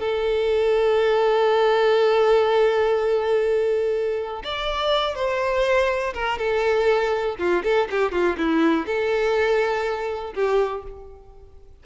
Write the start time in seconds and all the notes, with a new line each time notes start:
0.00 A4
4.44 D5
5.15 C5
6.14 A#4
6.38 A4
7.39 F4
7.64 A4
7.91 G4
8.12 F4
8.38 E4
8.87 A4
10.34 G4